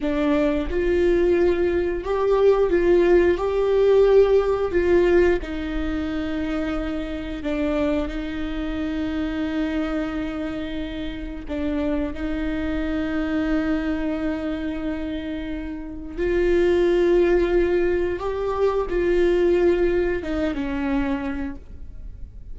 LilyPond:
\new Staff \with { instrumentName = "viola" } { \time 4/4 \tempo 4 = 89 d'4 f'2 g'4 | f'4 g'2 f'4 | dis'2. d'4 | dis'1~ |
dis'4 d'4 dis'2~ | dis'1 | f'2. g'4 | f'2 dis'8 cis'4. | }